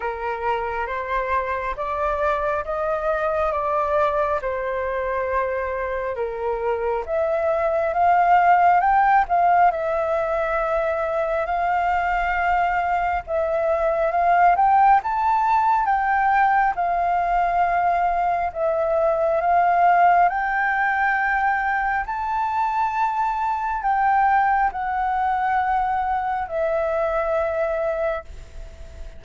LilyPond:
\new Staff \with { instrumentName = "flute" } { \time 4/4 \tempo 4 = 68 ais'4 c''4 d''4 dis''4 | d''4 c''2 ais'4 | e''4 f''4 g''8 f''8 e''4~ | e''4 f''2 e''4 |
f''8 g''8 a''4 g''4 f''4~ | f''4 e''4 f''4 g''4~ | g''4 a''2 g''4 | fis''2 e''2 | }